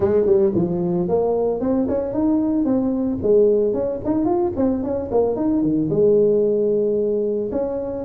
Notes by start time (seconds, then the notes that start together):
0.00 G#3
0.26 G3
0.54 F3
1.08 A#3
1.60 C4
1.88 C#4
2.13 D#4
2.64 C4
3.22 G#3
3.73 C#4
4.04 D#4
4.25 F4
4.56 C4
4.83 C#4
5.11 A#3
5.35 D#4
5.62 D#3
5.90 G#3
7.51 C#4